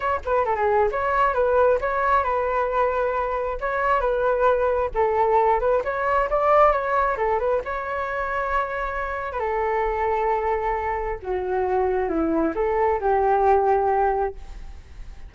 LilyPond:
\new Staff \with { instrumentName = "flute" } { \time 4/4 \tempo 4 = 134 cis''8 b'8 a'16 gis'8. cis''4 b'4 | cis''4 b'2. | cis''4 b'2 a'4~ | a'8 b'8 cis''4 d''4 cis''4 |
a'8 b'8 cis''2.~ | cis''8. b'16 a'2.~ | a'4 fis'2 e'4 | a'4 g'2. | }